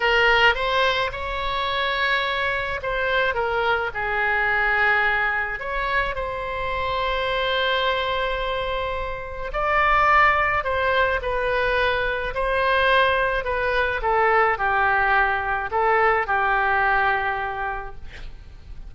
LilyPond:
\new Staff \with { instrumentName = "oboe" } { \time 4/4 \tempo 4 = 107 ais'4 c''4 cis''2~ | cis''4 c''4 ais'4 gis'4~ | gis'2 cis''4 c''4~ | c''1~ |
c''4 d''2 c''4 | b'2 c''2 | b'4 a'4 g'2 | a'4 g'2. | }